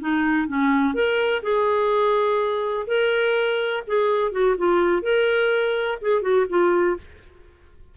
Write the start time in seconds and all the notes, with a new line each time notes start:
0.00 D#4
0.47 C#4
0.94 A#4
1.42 G#4
2.87 A#4
3.87 G#4
4.31 F#4
4.57 F4
5.02 A#4
6.01 G#4
6.21 F#4
6.49 F4